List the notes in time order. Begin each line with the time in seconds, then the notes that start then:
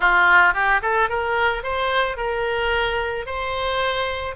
0.00 F4
0.53 G4
0.82 A4
1.09 A#4
1.63 C5
2.17 A#4
3.26 C5